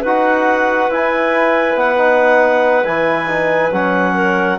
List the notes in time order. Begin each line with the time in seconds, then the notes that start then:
0.00 D#4 F#4 B4 F#5
0.89 E4 G#5
1.75 B3 F#5
1.97 D#4
2.85 E3 E4 G#5
3.28 D#4
3.72 F#3 C#4 F#5
4.14 A#4